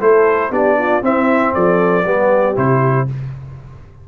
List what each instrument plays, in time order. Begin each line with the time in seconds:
0.00 tuba A3, trombone E4, horn A4, trumpet C5
0.50 tuba B3, trombone D4, horn G4, trumpet D5
0.78 horn F4
1.01 trombone C4, tuba C4, horn E4, trumpet E5
1.54 tuba F3, horn A4, trumpet D5
2.04 tuba G3, trombone B3, horn G4
2.55 tuba C3, trombone E4, trumpet C5